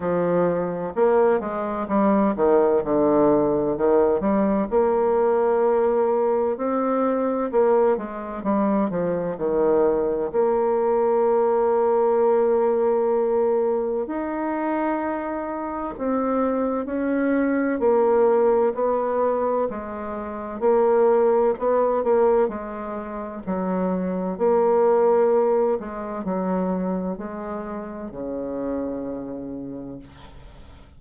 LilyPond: \new Staff \with { instrumentName = "bassoon" } { \time 4/4 \tempo 4 = 64 f4 ais8 gis8 g8 dis8 d4 | dis8 g8 ais2 c'4 | ais8 gis8 g8 f8 dis4 ais4~ | ais2. dis'4~ |
dis'4 c'4 cis'4 ais4 | b4 gis4 ais4 b8 ais8 | gis4 fis4 ais4. gis8 | fis4 gis4 cis2 | }